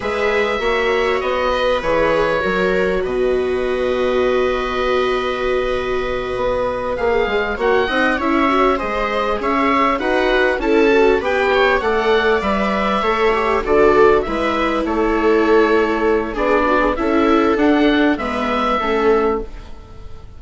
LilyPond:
<<
  \new Staff \with { instrumentName = "oboe" } { \time 4/4 \tempo 4 = 99 e''2 dis''4 cis''4~ | cis''4 dis''2.~ | dis''2.~ dis''8 f''8~ | f''8 fis''4 e''4 dis''4 e''8~ |
e''8 fis''4 a''4 g''4 fis''8~ | fis''8 e''2 d''4 e''8~ | e''8 cis''2~ cis''8 d''4 | e''4 fis''4 e''2 | }
  \new Staff \with { instrumentName = "viola" } { \time 4/4 b'4 cis''4. b'4. | ais'4 b'2.~ | b'1~ | b'8 cis''8 dis''8 cis''4 c''4 cis''8~ |
cis''8 b'4 a'4 b'8 cis''8 d''8~ | d''4. cis''4 a'4 b'8~ | b'8 a'2~ a'8 gis'8 fis'16 gis'16 | a'2 b'4 a'4 | }
  \new Staff \with { instrumentName = "viola" } { \time 4/4 gis'4 fis'2 gis'4 | fis'1~ | fis'2.~ fis'8 gis'8~ | gis'8 fis'8 dis'8 e'8 fis'8 gis'4.~ |
gis'8 fis'4 e'8 fis'8 g'4 a'8~ | a'8 b'4 a'8 g'8 fis'4 e'8~ | e'2. d'4 | e'4 d'4 b4 cis'4 | }
  \new Staff \with { instrumentName = "bassoon" } { \time 4/4 gis4 ais4 b4 e4 | fis4 b,2.~ | b,2~ b,8 b4 ais8 | gis8 ais8 c'8 cis'4 gis4 cis'8~ |
cis'8 dis'4 cis'4 b4 a8~ | a8 g4 a4 d4 gis8~ | gis8 a2~ a8 b4 | cis'4 d'4 gis4 a4 | }
>>